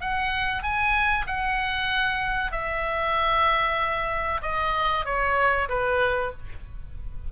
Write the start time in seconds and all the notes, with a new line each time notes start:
0.00 F#5
0.62 G#5
1.26 F#5
2.51 E5
4.42 D#5
5.05 C#5
5.68 B4